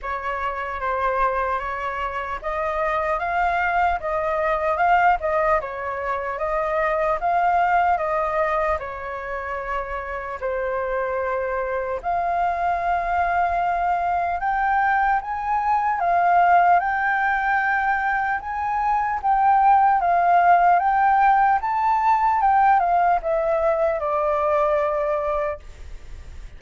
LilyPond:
\new Staff \with { instrumentName = "flute" } { \time 4/4 \tempo 4 = 75 cis''4 c''4 cis''4 dis''4 | f''4 dis''4 f''8 dis''8 cis''4 | dis''4 f''4 dis''4 cis''4~ | cis''4 c''2 f''4~ |
f''2 g''4 gis''4 | f''4 g''2 gis''4 | g''4 f''4 g''4 a''4 | g''8 f''8 e''4 d''2 | }